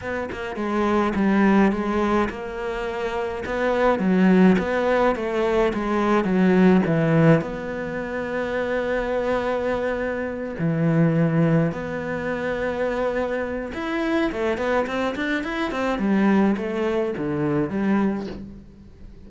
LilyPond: \new Staff \with { instrumentName = "cello" } { \time 4/4 \tempo 4 = 105 b8 ais8 gis4 g4 gis4 | ais2 b4 fis4 | b4 a4 gis4 fis4 | e4 b2.~ |
b2~ b8 e4.~ | e8 b2.~ b8 | e'4 a8 b8 c'8 d'8 e'8 c'8 | g4 a4 d4 g4 | }